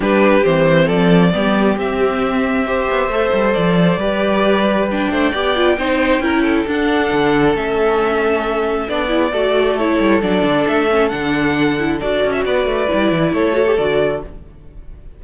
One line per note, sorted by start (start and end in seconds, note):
0.00 0.44 G3
0.00 0.43 D4
0.00 0.85 G4
0.00 0.43 B4
0.43 0.89 E3
0.43 1.32 C4
0.43 0.88 C5
0.85 1.34 F3
0.85 1.30 A4
0.85 1.77 D5
1.32 1.77 G3
1.32 1.76 B3
1.32 2.66 G4
1.77 2.88 C4
1.77 2.66 C4
1.77 3.53 E5
2.66 3.10 G4
2.66 3.99 C5
2.89 3.08 B3
3.08 3.30 A3
3.08 4.00 A4
3.33 3.55 G3
3.53 3.96 F3
3.53 4.86 D5
3.96 5.07 G3
3.96 4.88 G4
3.96 5.10 B4
4.91 5.34 D4
4.91 6.69 G5
5.10 5.32 A3
5.10 5.31 C5
5.31 5.78 B3
5.31 5.55 G4
5.31 5.76 D5
5.55 5.77 F4
5.78 6.19 C4
5.78 6.21 D#4
5.78 6.22 C5
6.19 6.64 C#4
6.19 6.66 E4
6.19 6.42 A#4
6.42 9.09 A4
6.67 7.11 D4
6.67 7.54 D4
6.67 7.56 F#5
7.12 7.54 D3
7.54 8.87 A3
7.54 8.87 C#4
7.54 8.89 E5
8.88 9.31 B3
8.88 9.07 D4
8.88 9.77 D5
9.07 9.30 E4
9.07 9.31 G#4
9.31 9.98 A3
9.31 9.78 F#4
9.31 12.42 A4
9.77 10.21 E4
9.77 10.21 C#5
9.99 10.21 G3
10.21 10.42 F#3
10.21 10.88 D4
10.21 10.67 D5
10.42 10.65 D3
10.67 11.11 A3
10.67 11.09 E5
10.89 11.10 C#4
11.09 12.01 D3
11.09 11.77 D4
11.09 11.97 F#5
11.78 12.01 E4
12.00 12.24 D4
12.00 12.87 F#4
12.00 12.32 D5
12.24 12.45 C#4
12.32 12.43 E5
12.45 12.65 B3
12.45 13.33 B4
12.45 13.33 D5
12.65 12.87 A3
12.87 13.53 E4
12.93 13.11 G3
13.11 13.32 E3
13.32 13.77 A3
13.32 14.22 A4
13.32 13.77 C#5
13.53 13.64 F#4
13.66 13.77 G4
13.77 14.23 D3
13.77 14.24 F#4
13.77 14.22 D5